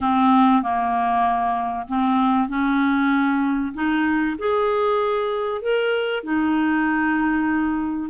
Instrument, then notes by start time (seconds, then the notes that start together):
clarinet
0.00 C4
0.62 A#3
1.88 C4
2.48 C#4
3.74 D#4
4.38 G#4
5.61 A#4
6.23 D#4